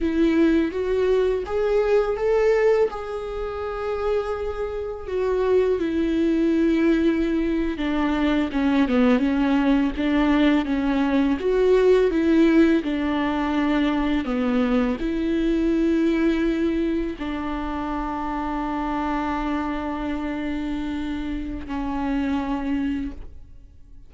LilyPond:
\new Staff \with { instrumentName = "viola" } { \time 4/4 \tempo 4 = 83 e'4 fis'4 gis'4 a'4 | gis'2. fis'4 | e'2~ e'8. d'4 cis'16~ | cis'16 b8 cis'4 d'4 cis'4 fis'16~ |
fis'8. e'4 d'2 b16~ | b8. e'2. d'16~ | d'1~ | d'2 cis'2 | }